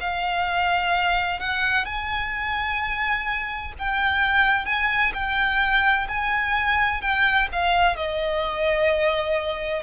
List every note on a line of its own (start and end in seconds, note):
0.00 1.39 F5
1.39 1.85 F#5
1.85 3.73 G#5
3.78 4.65 G5
4.65 5.12 G#5
5.13 6.07 G5
6.08 7.01 G#5
7.01 7.48 G5
7.52 7.96 F5
7.96 9.82 D#5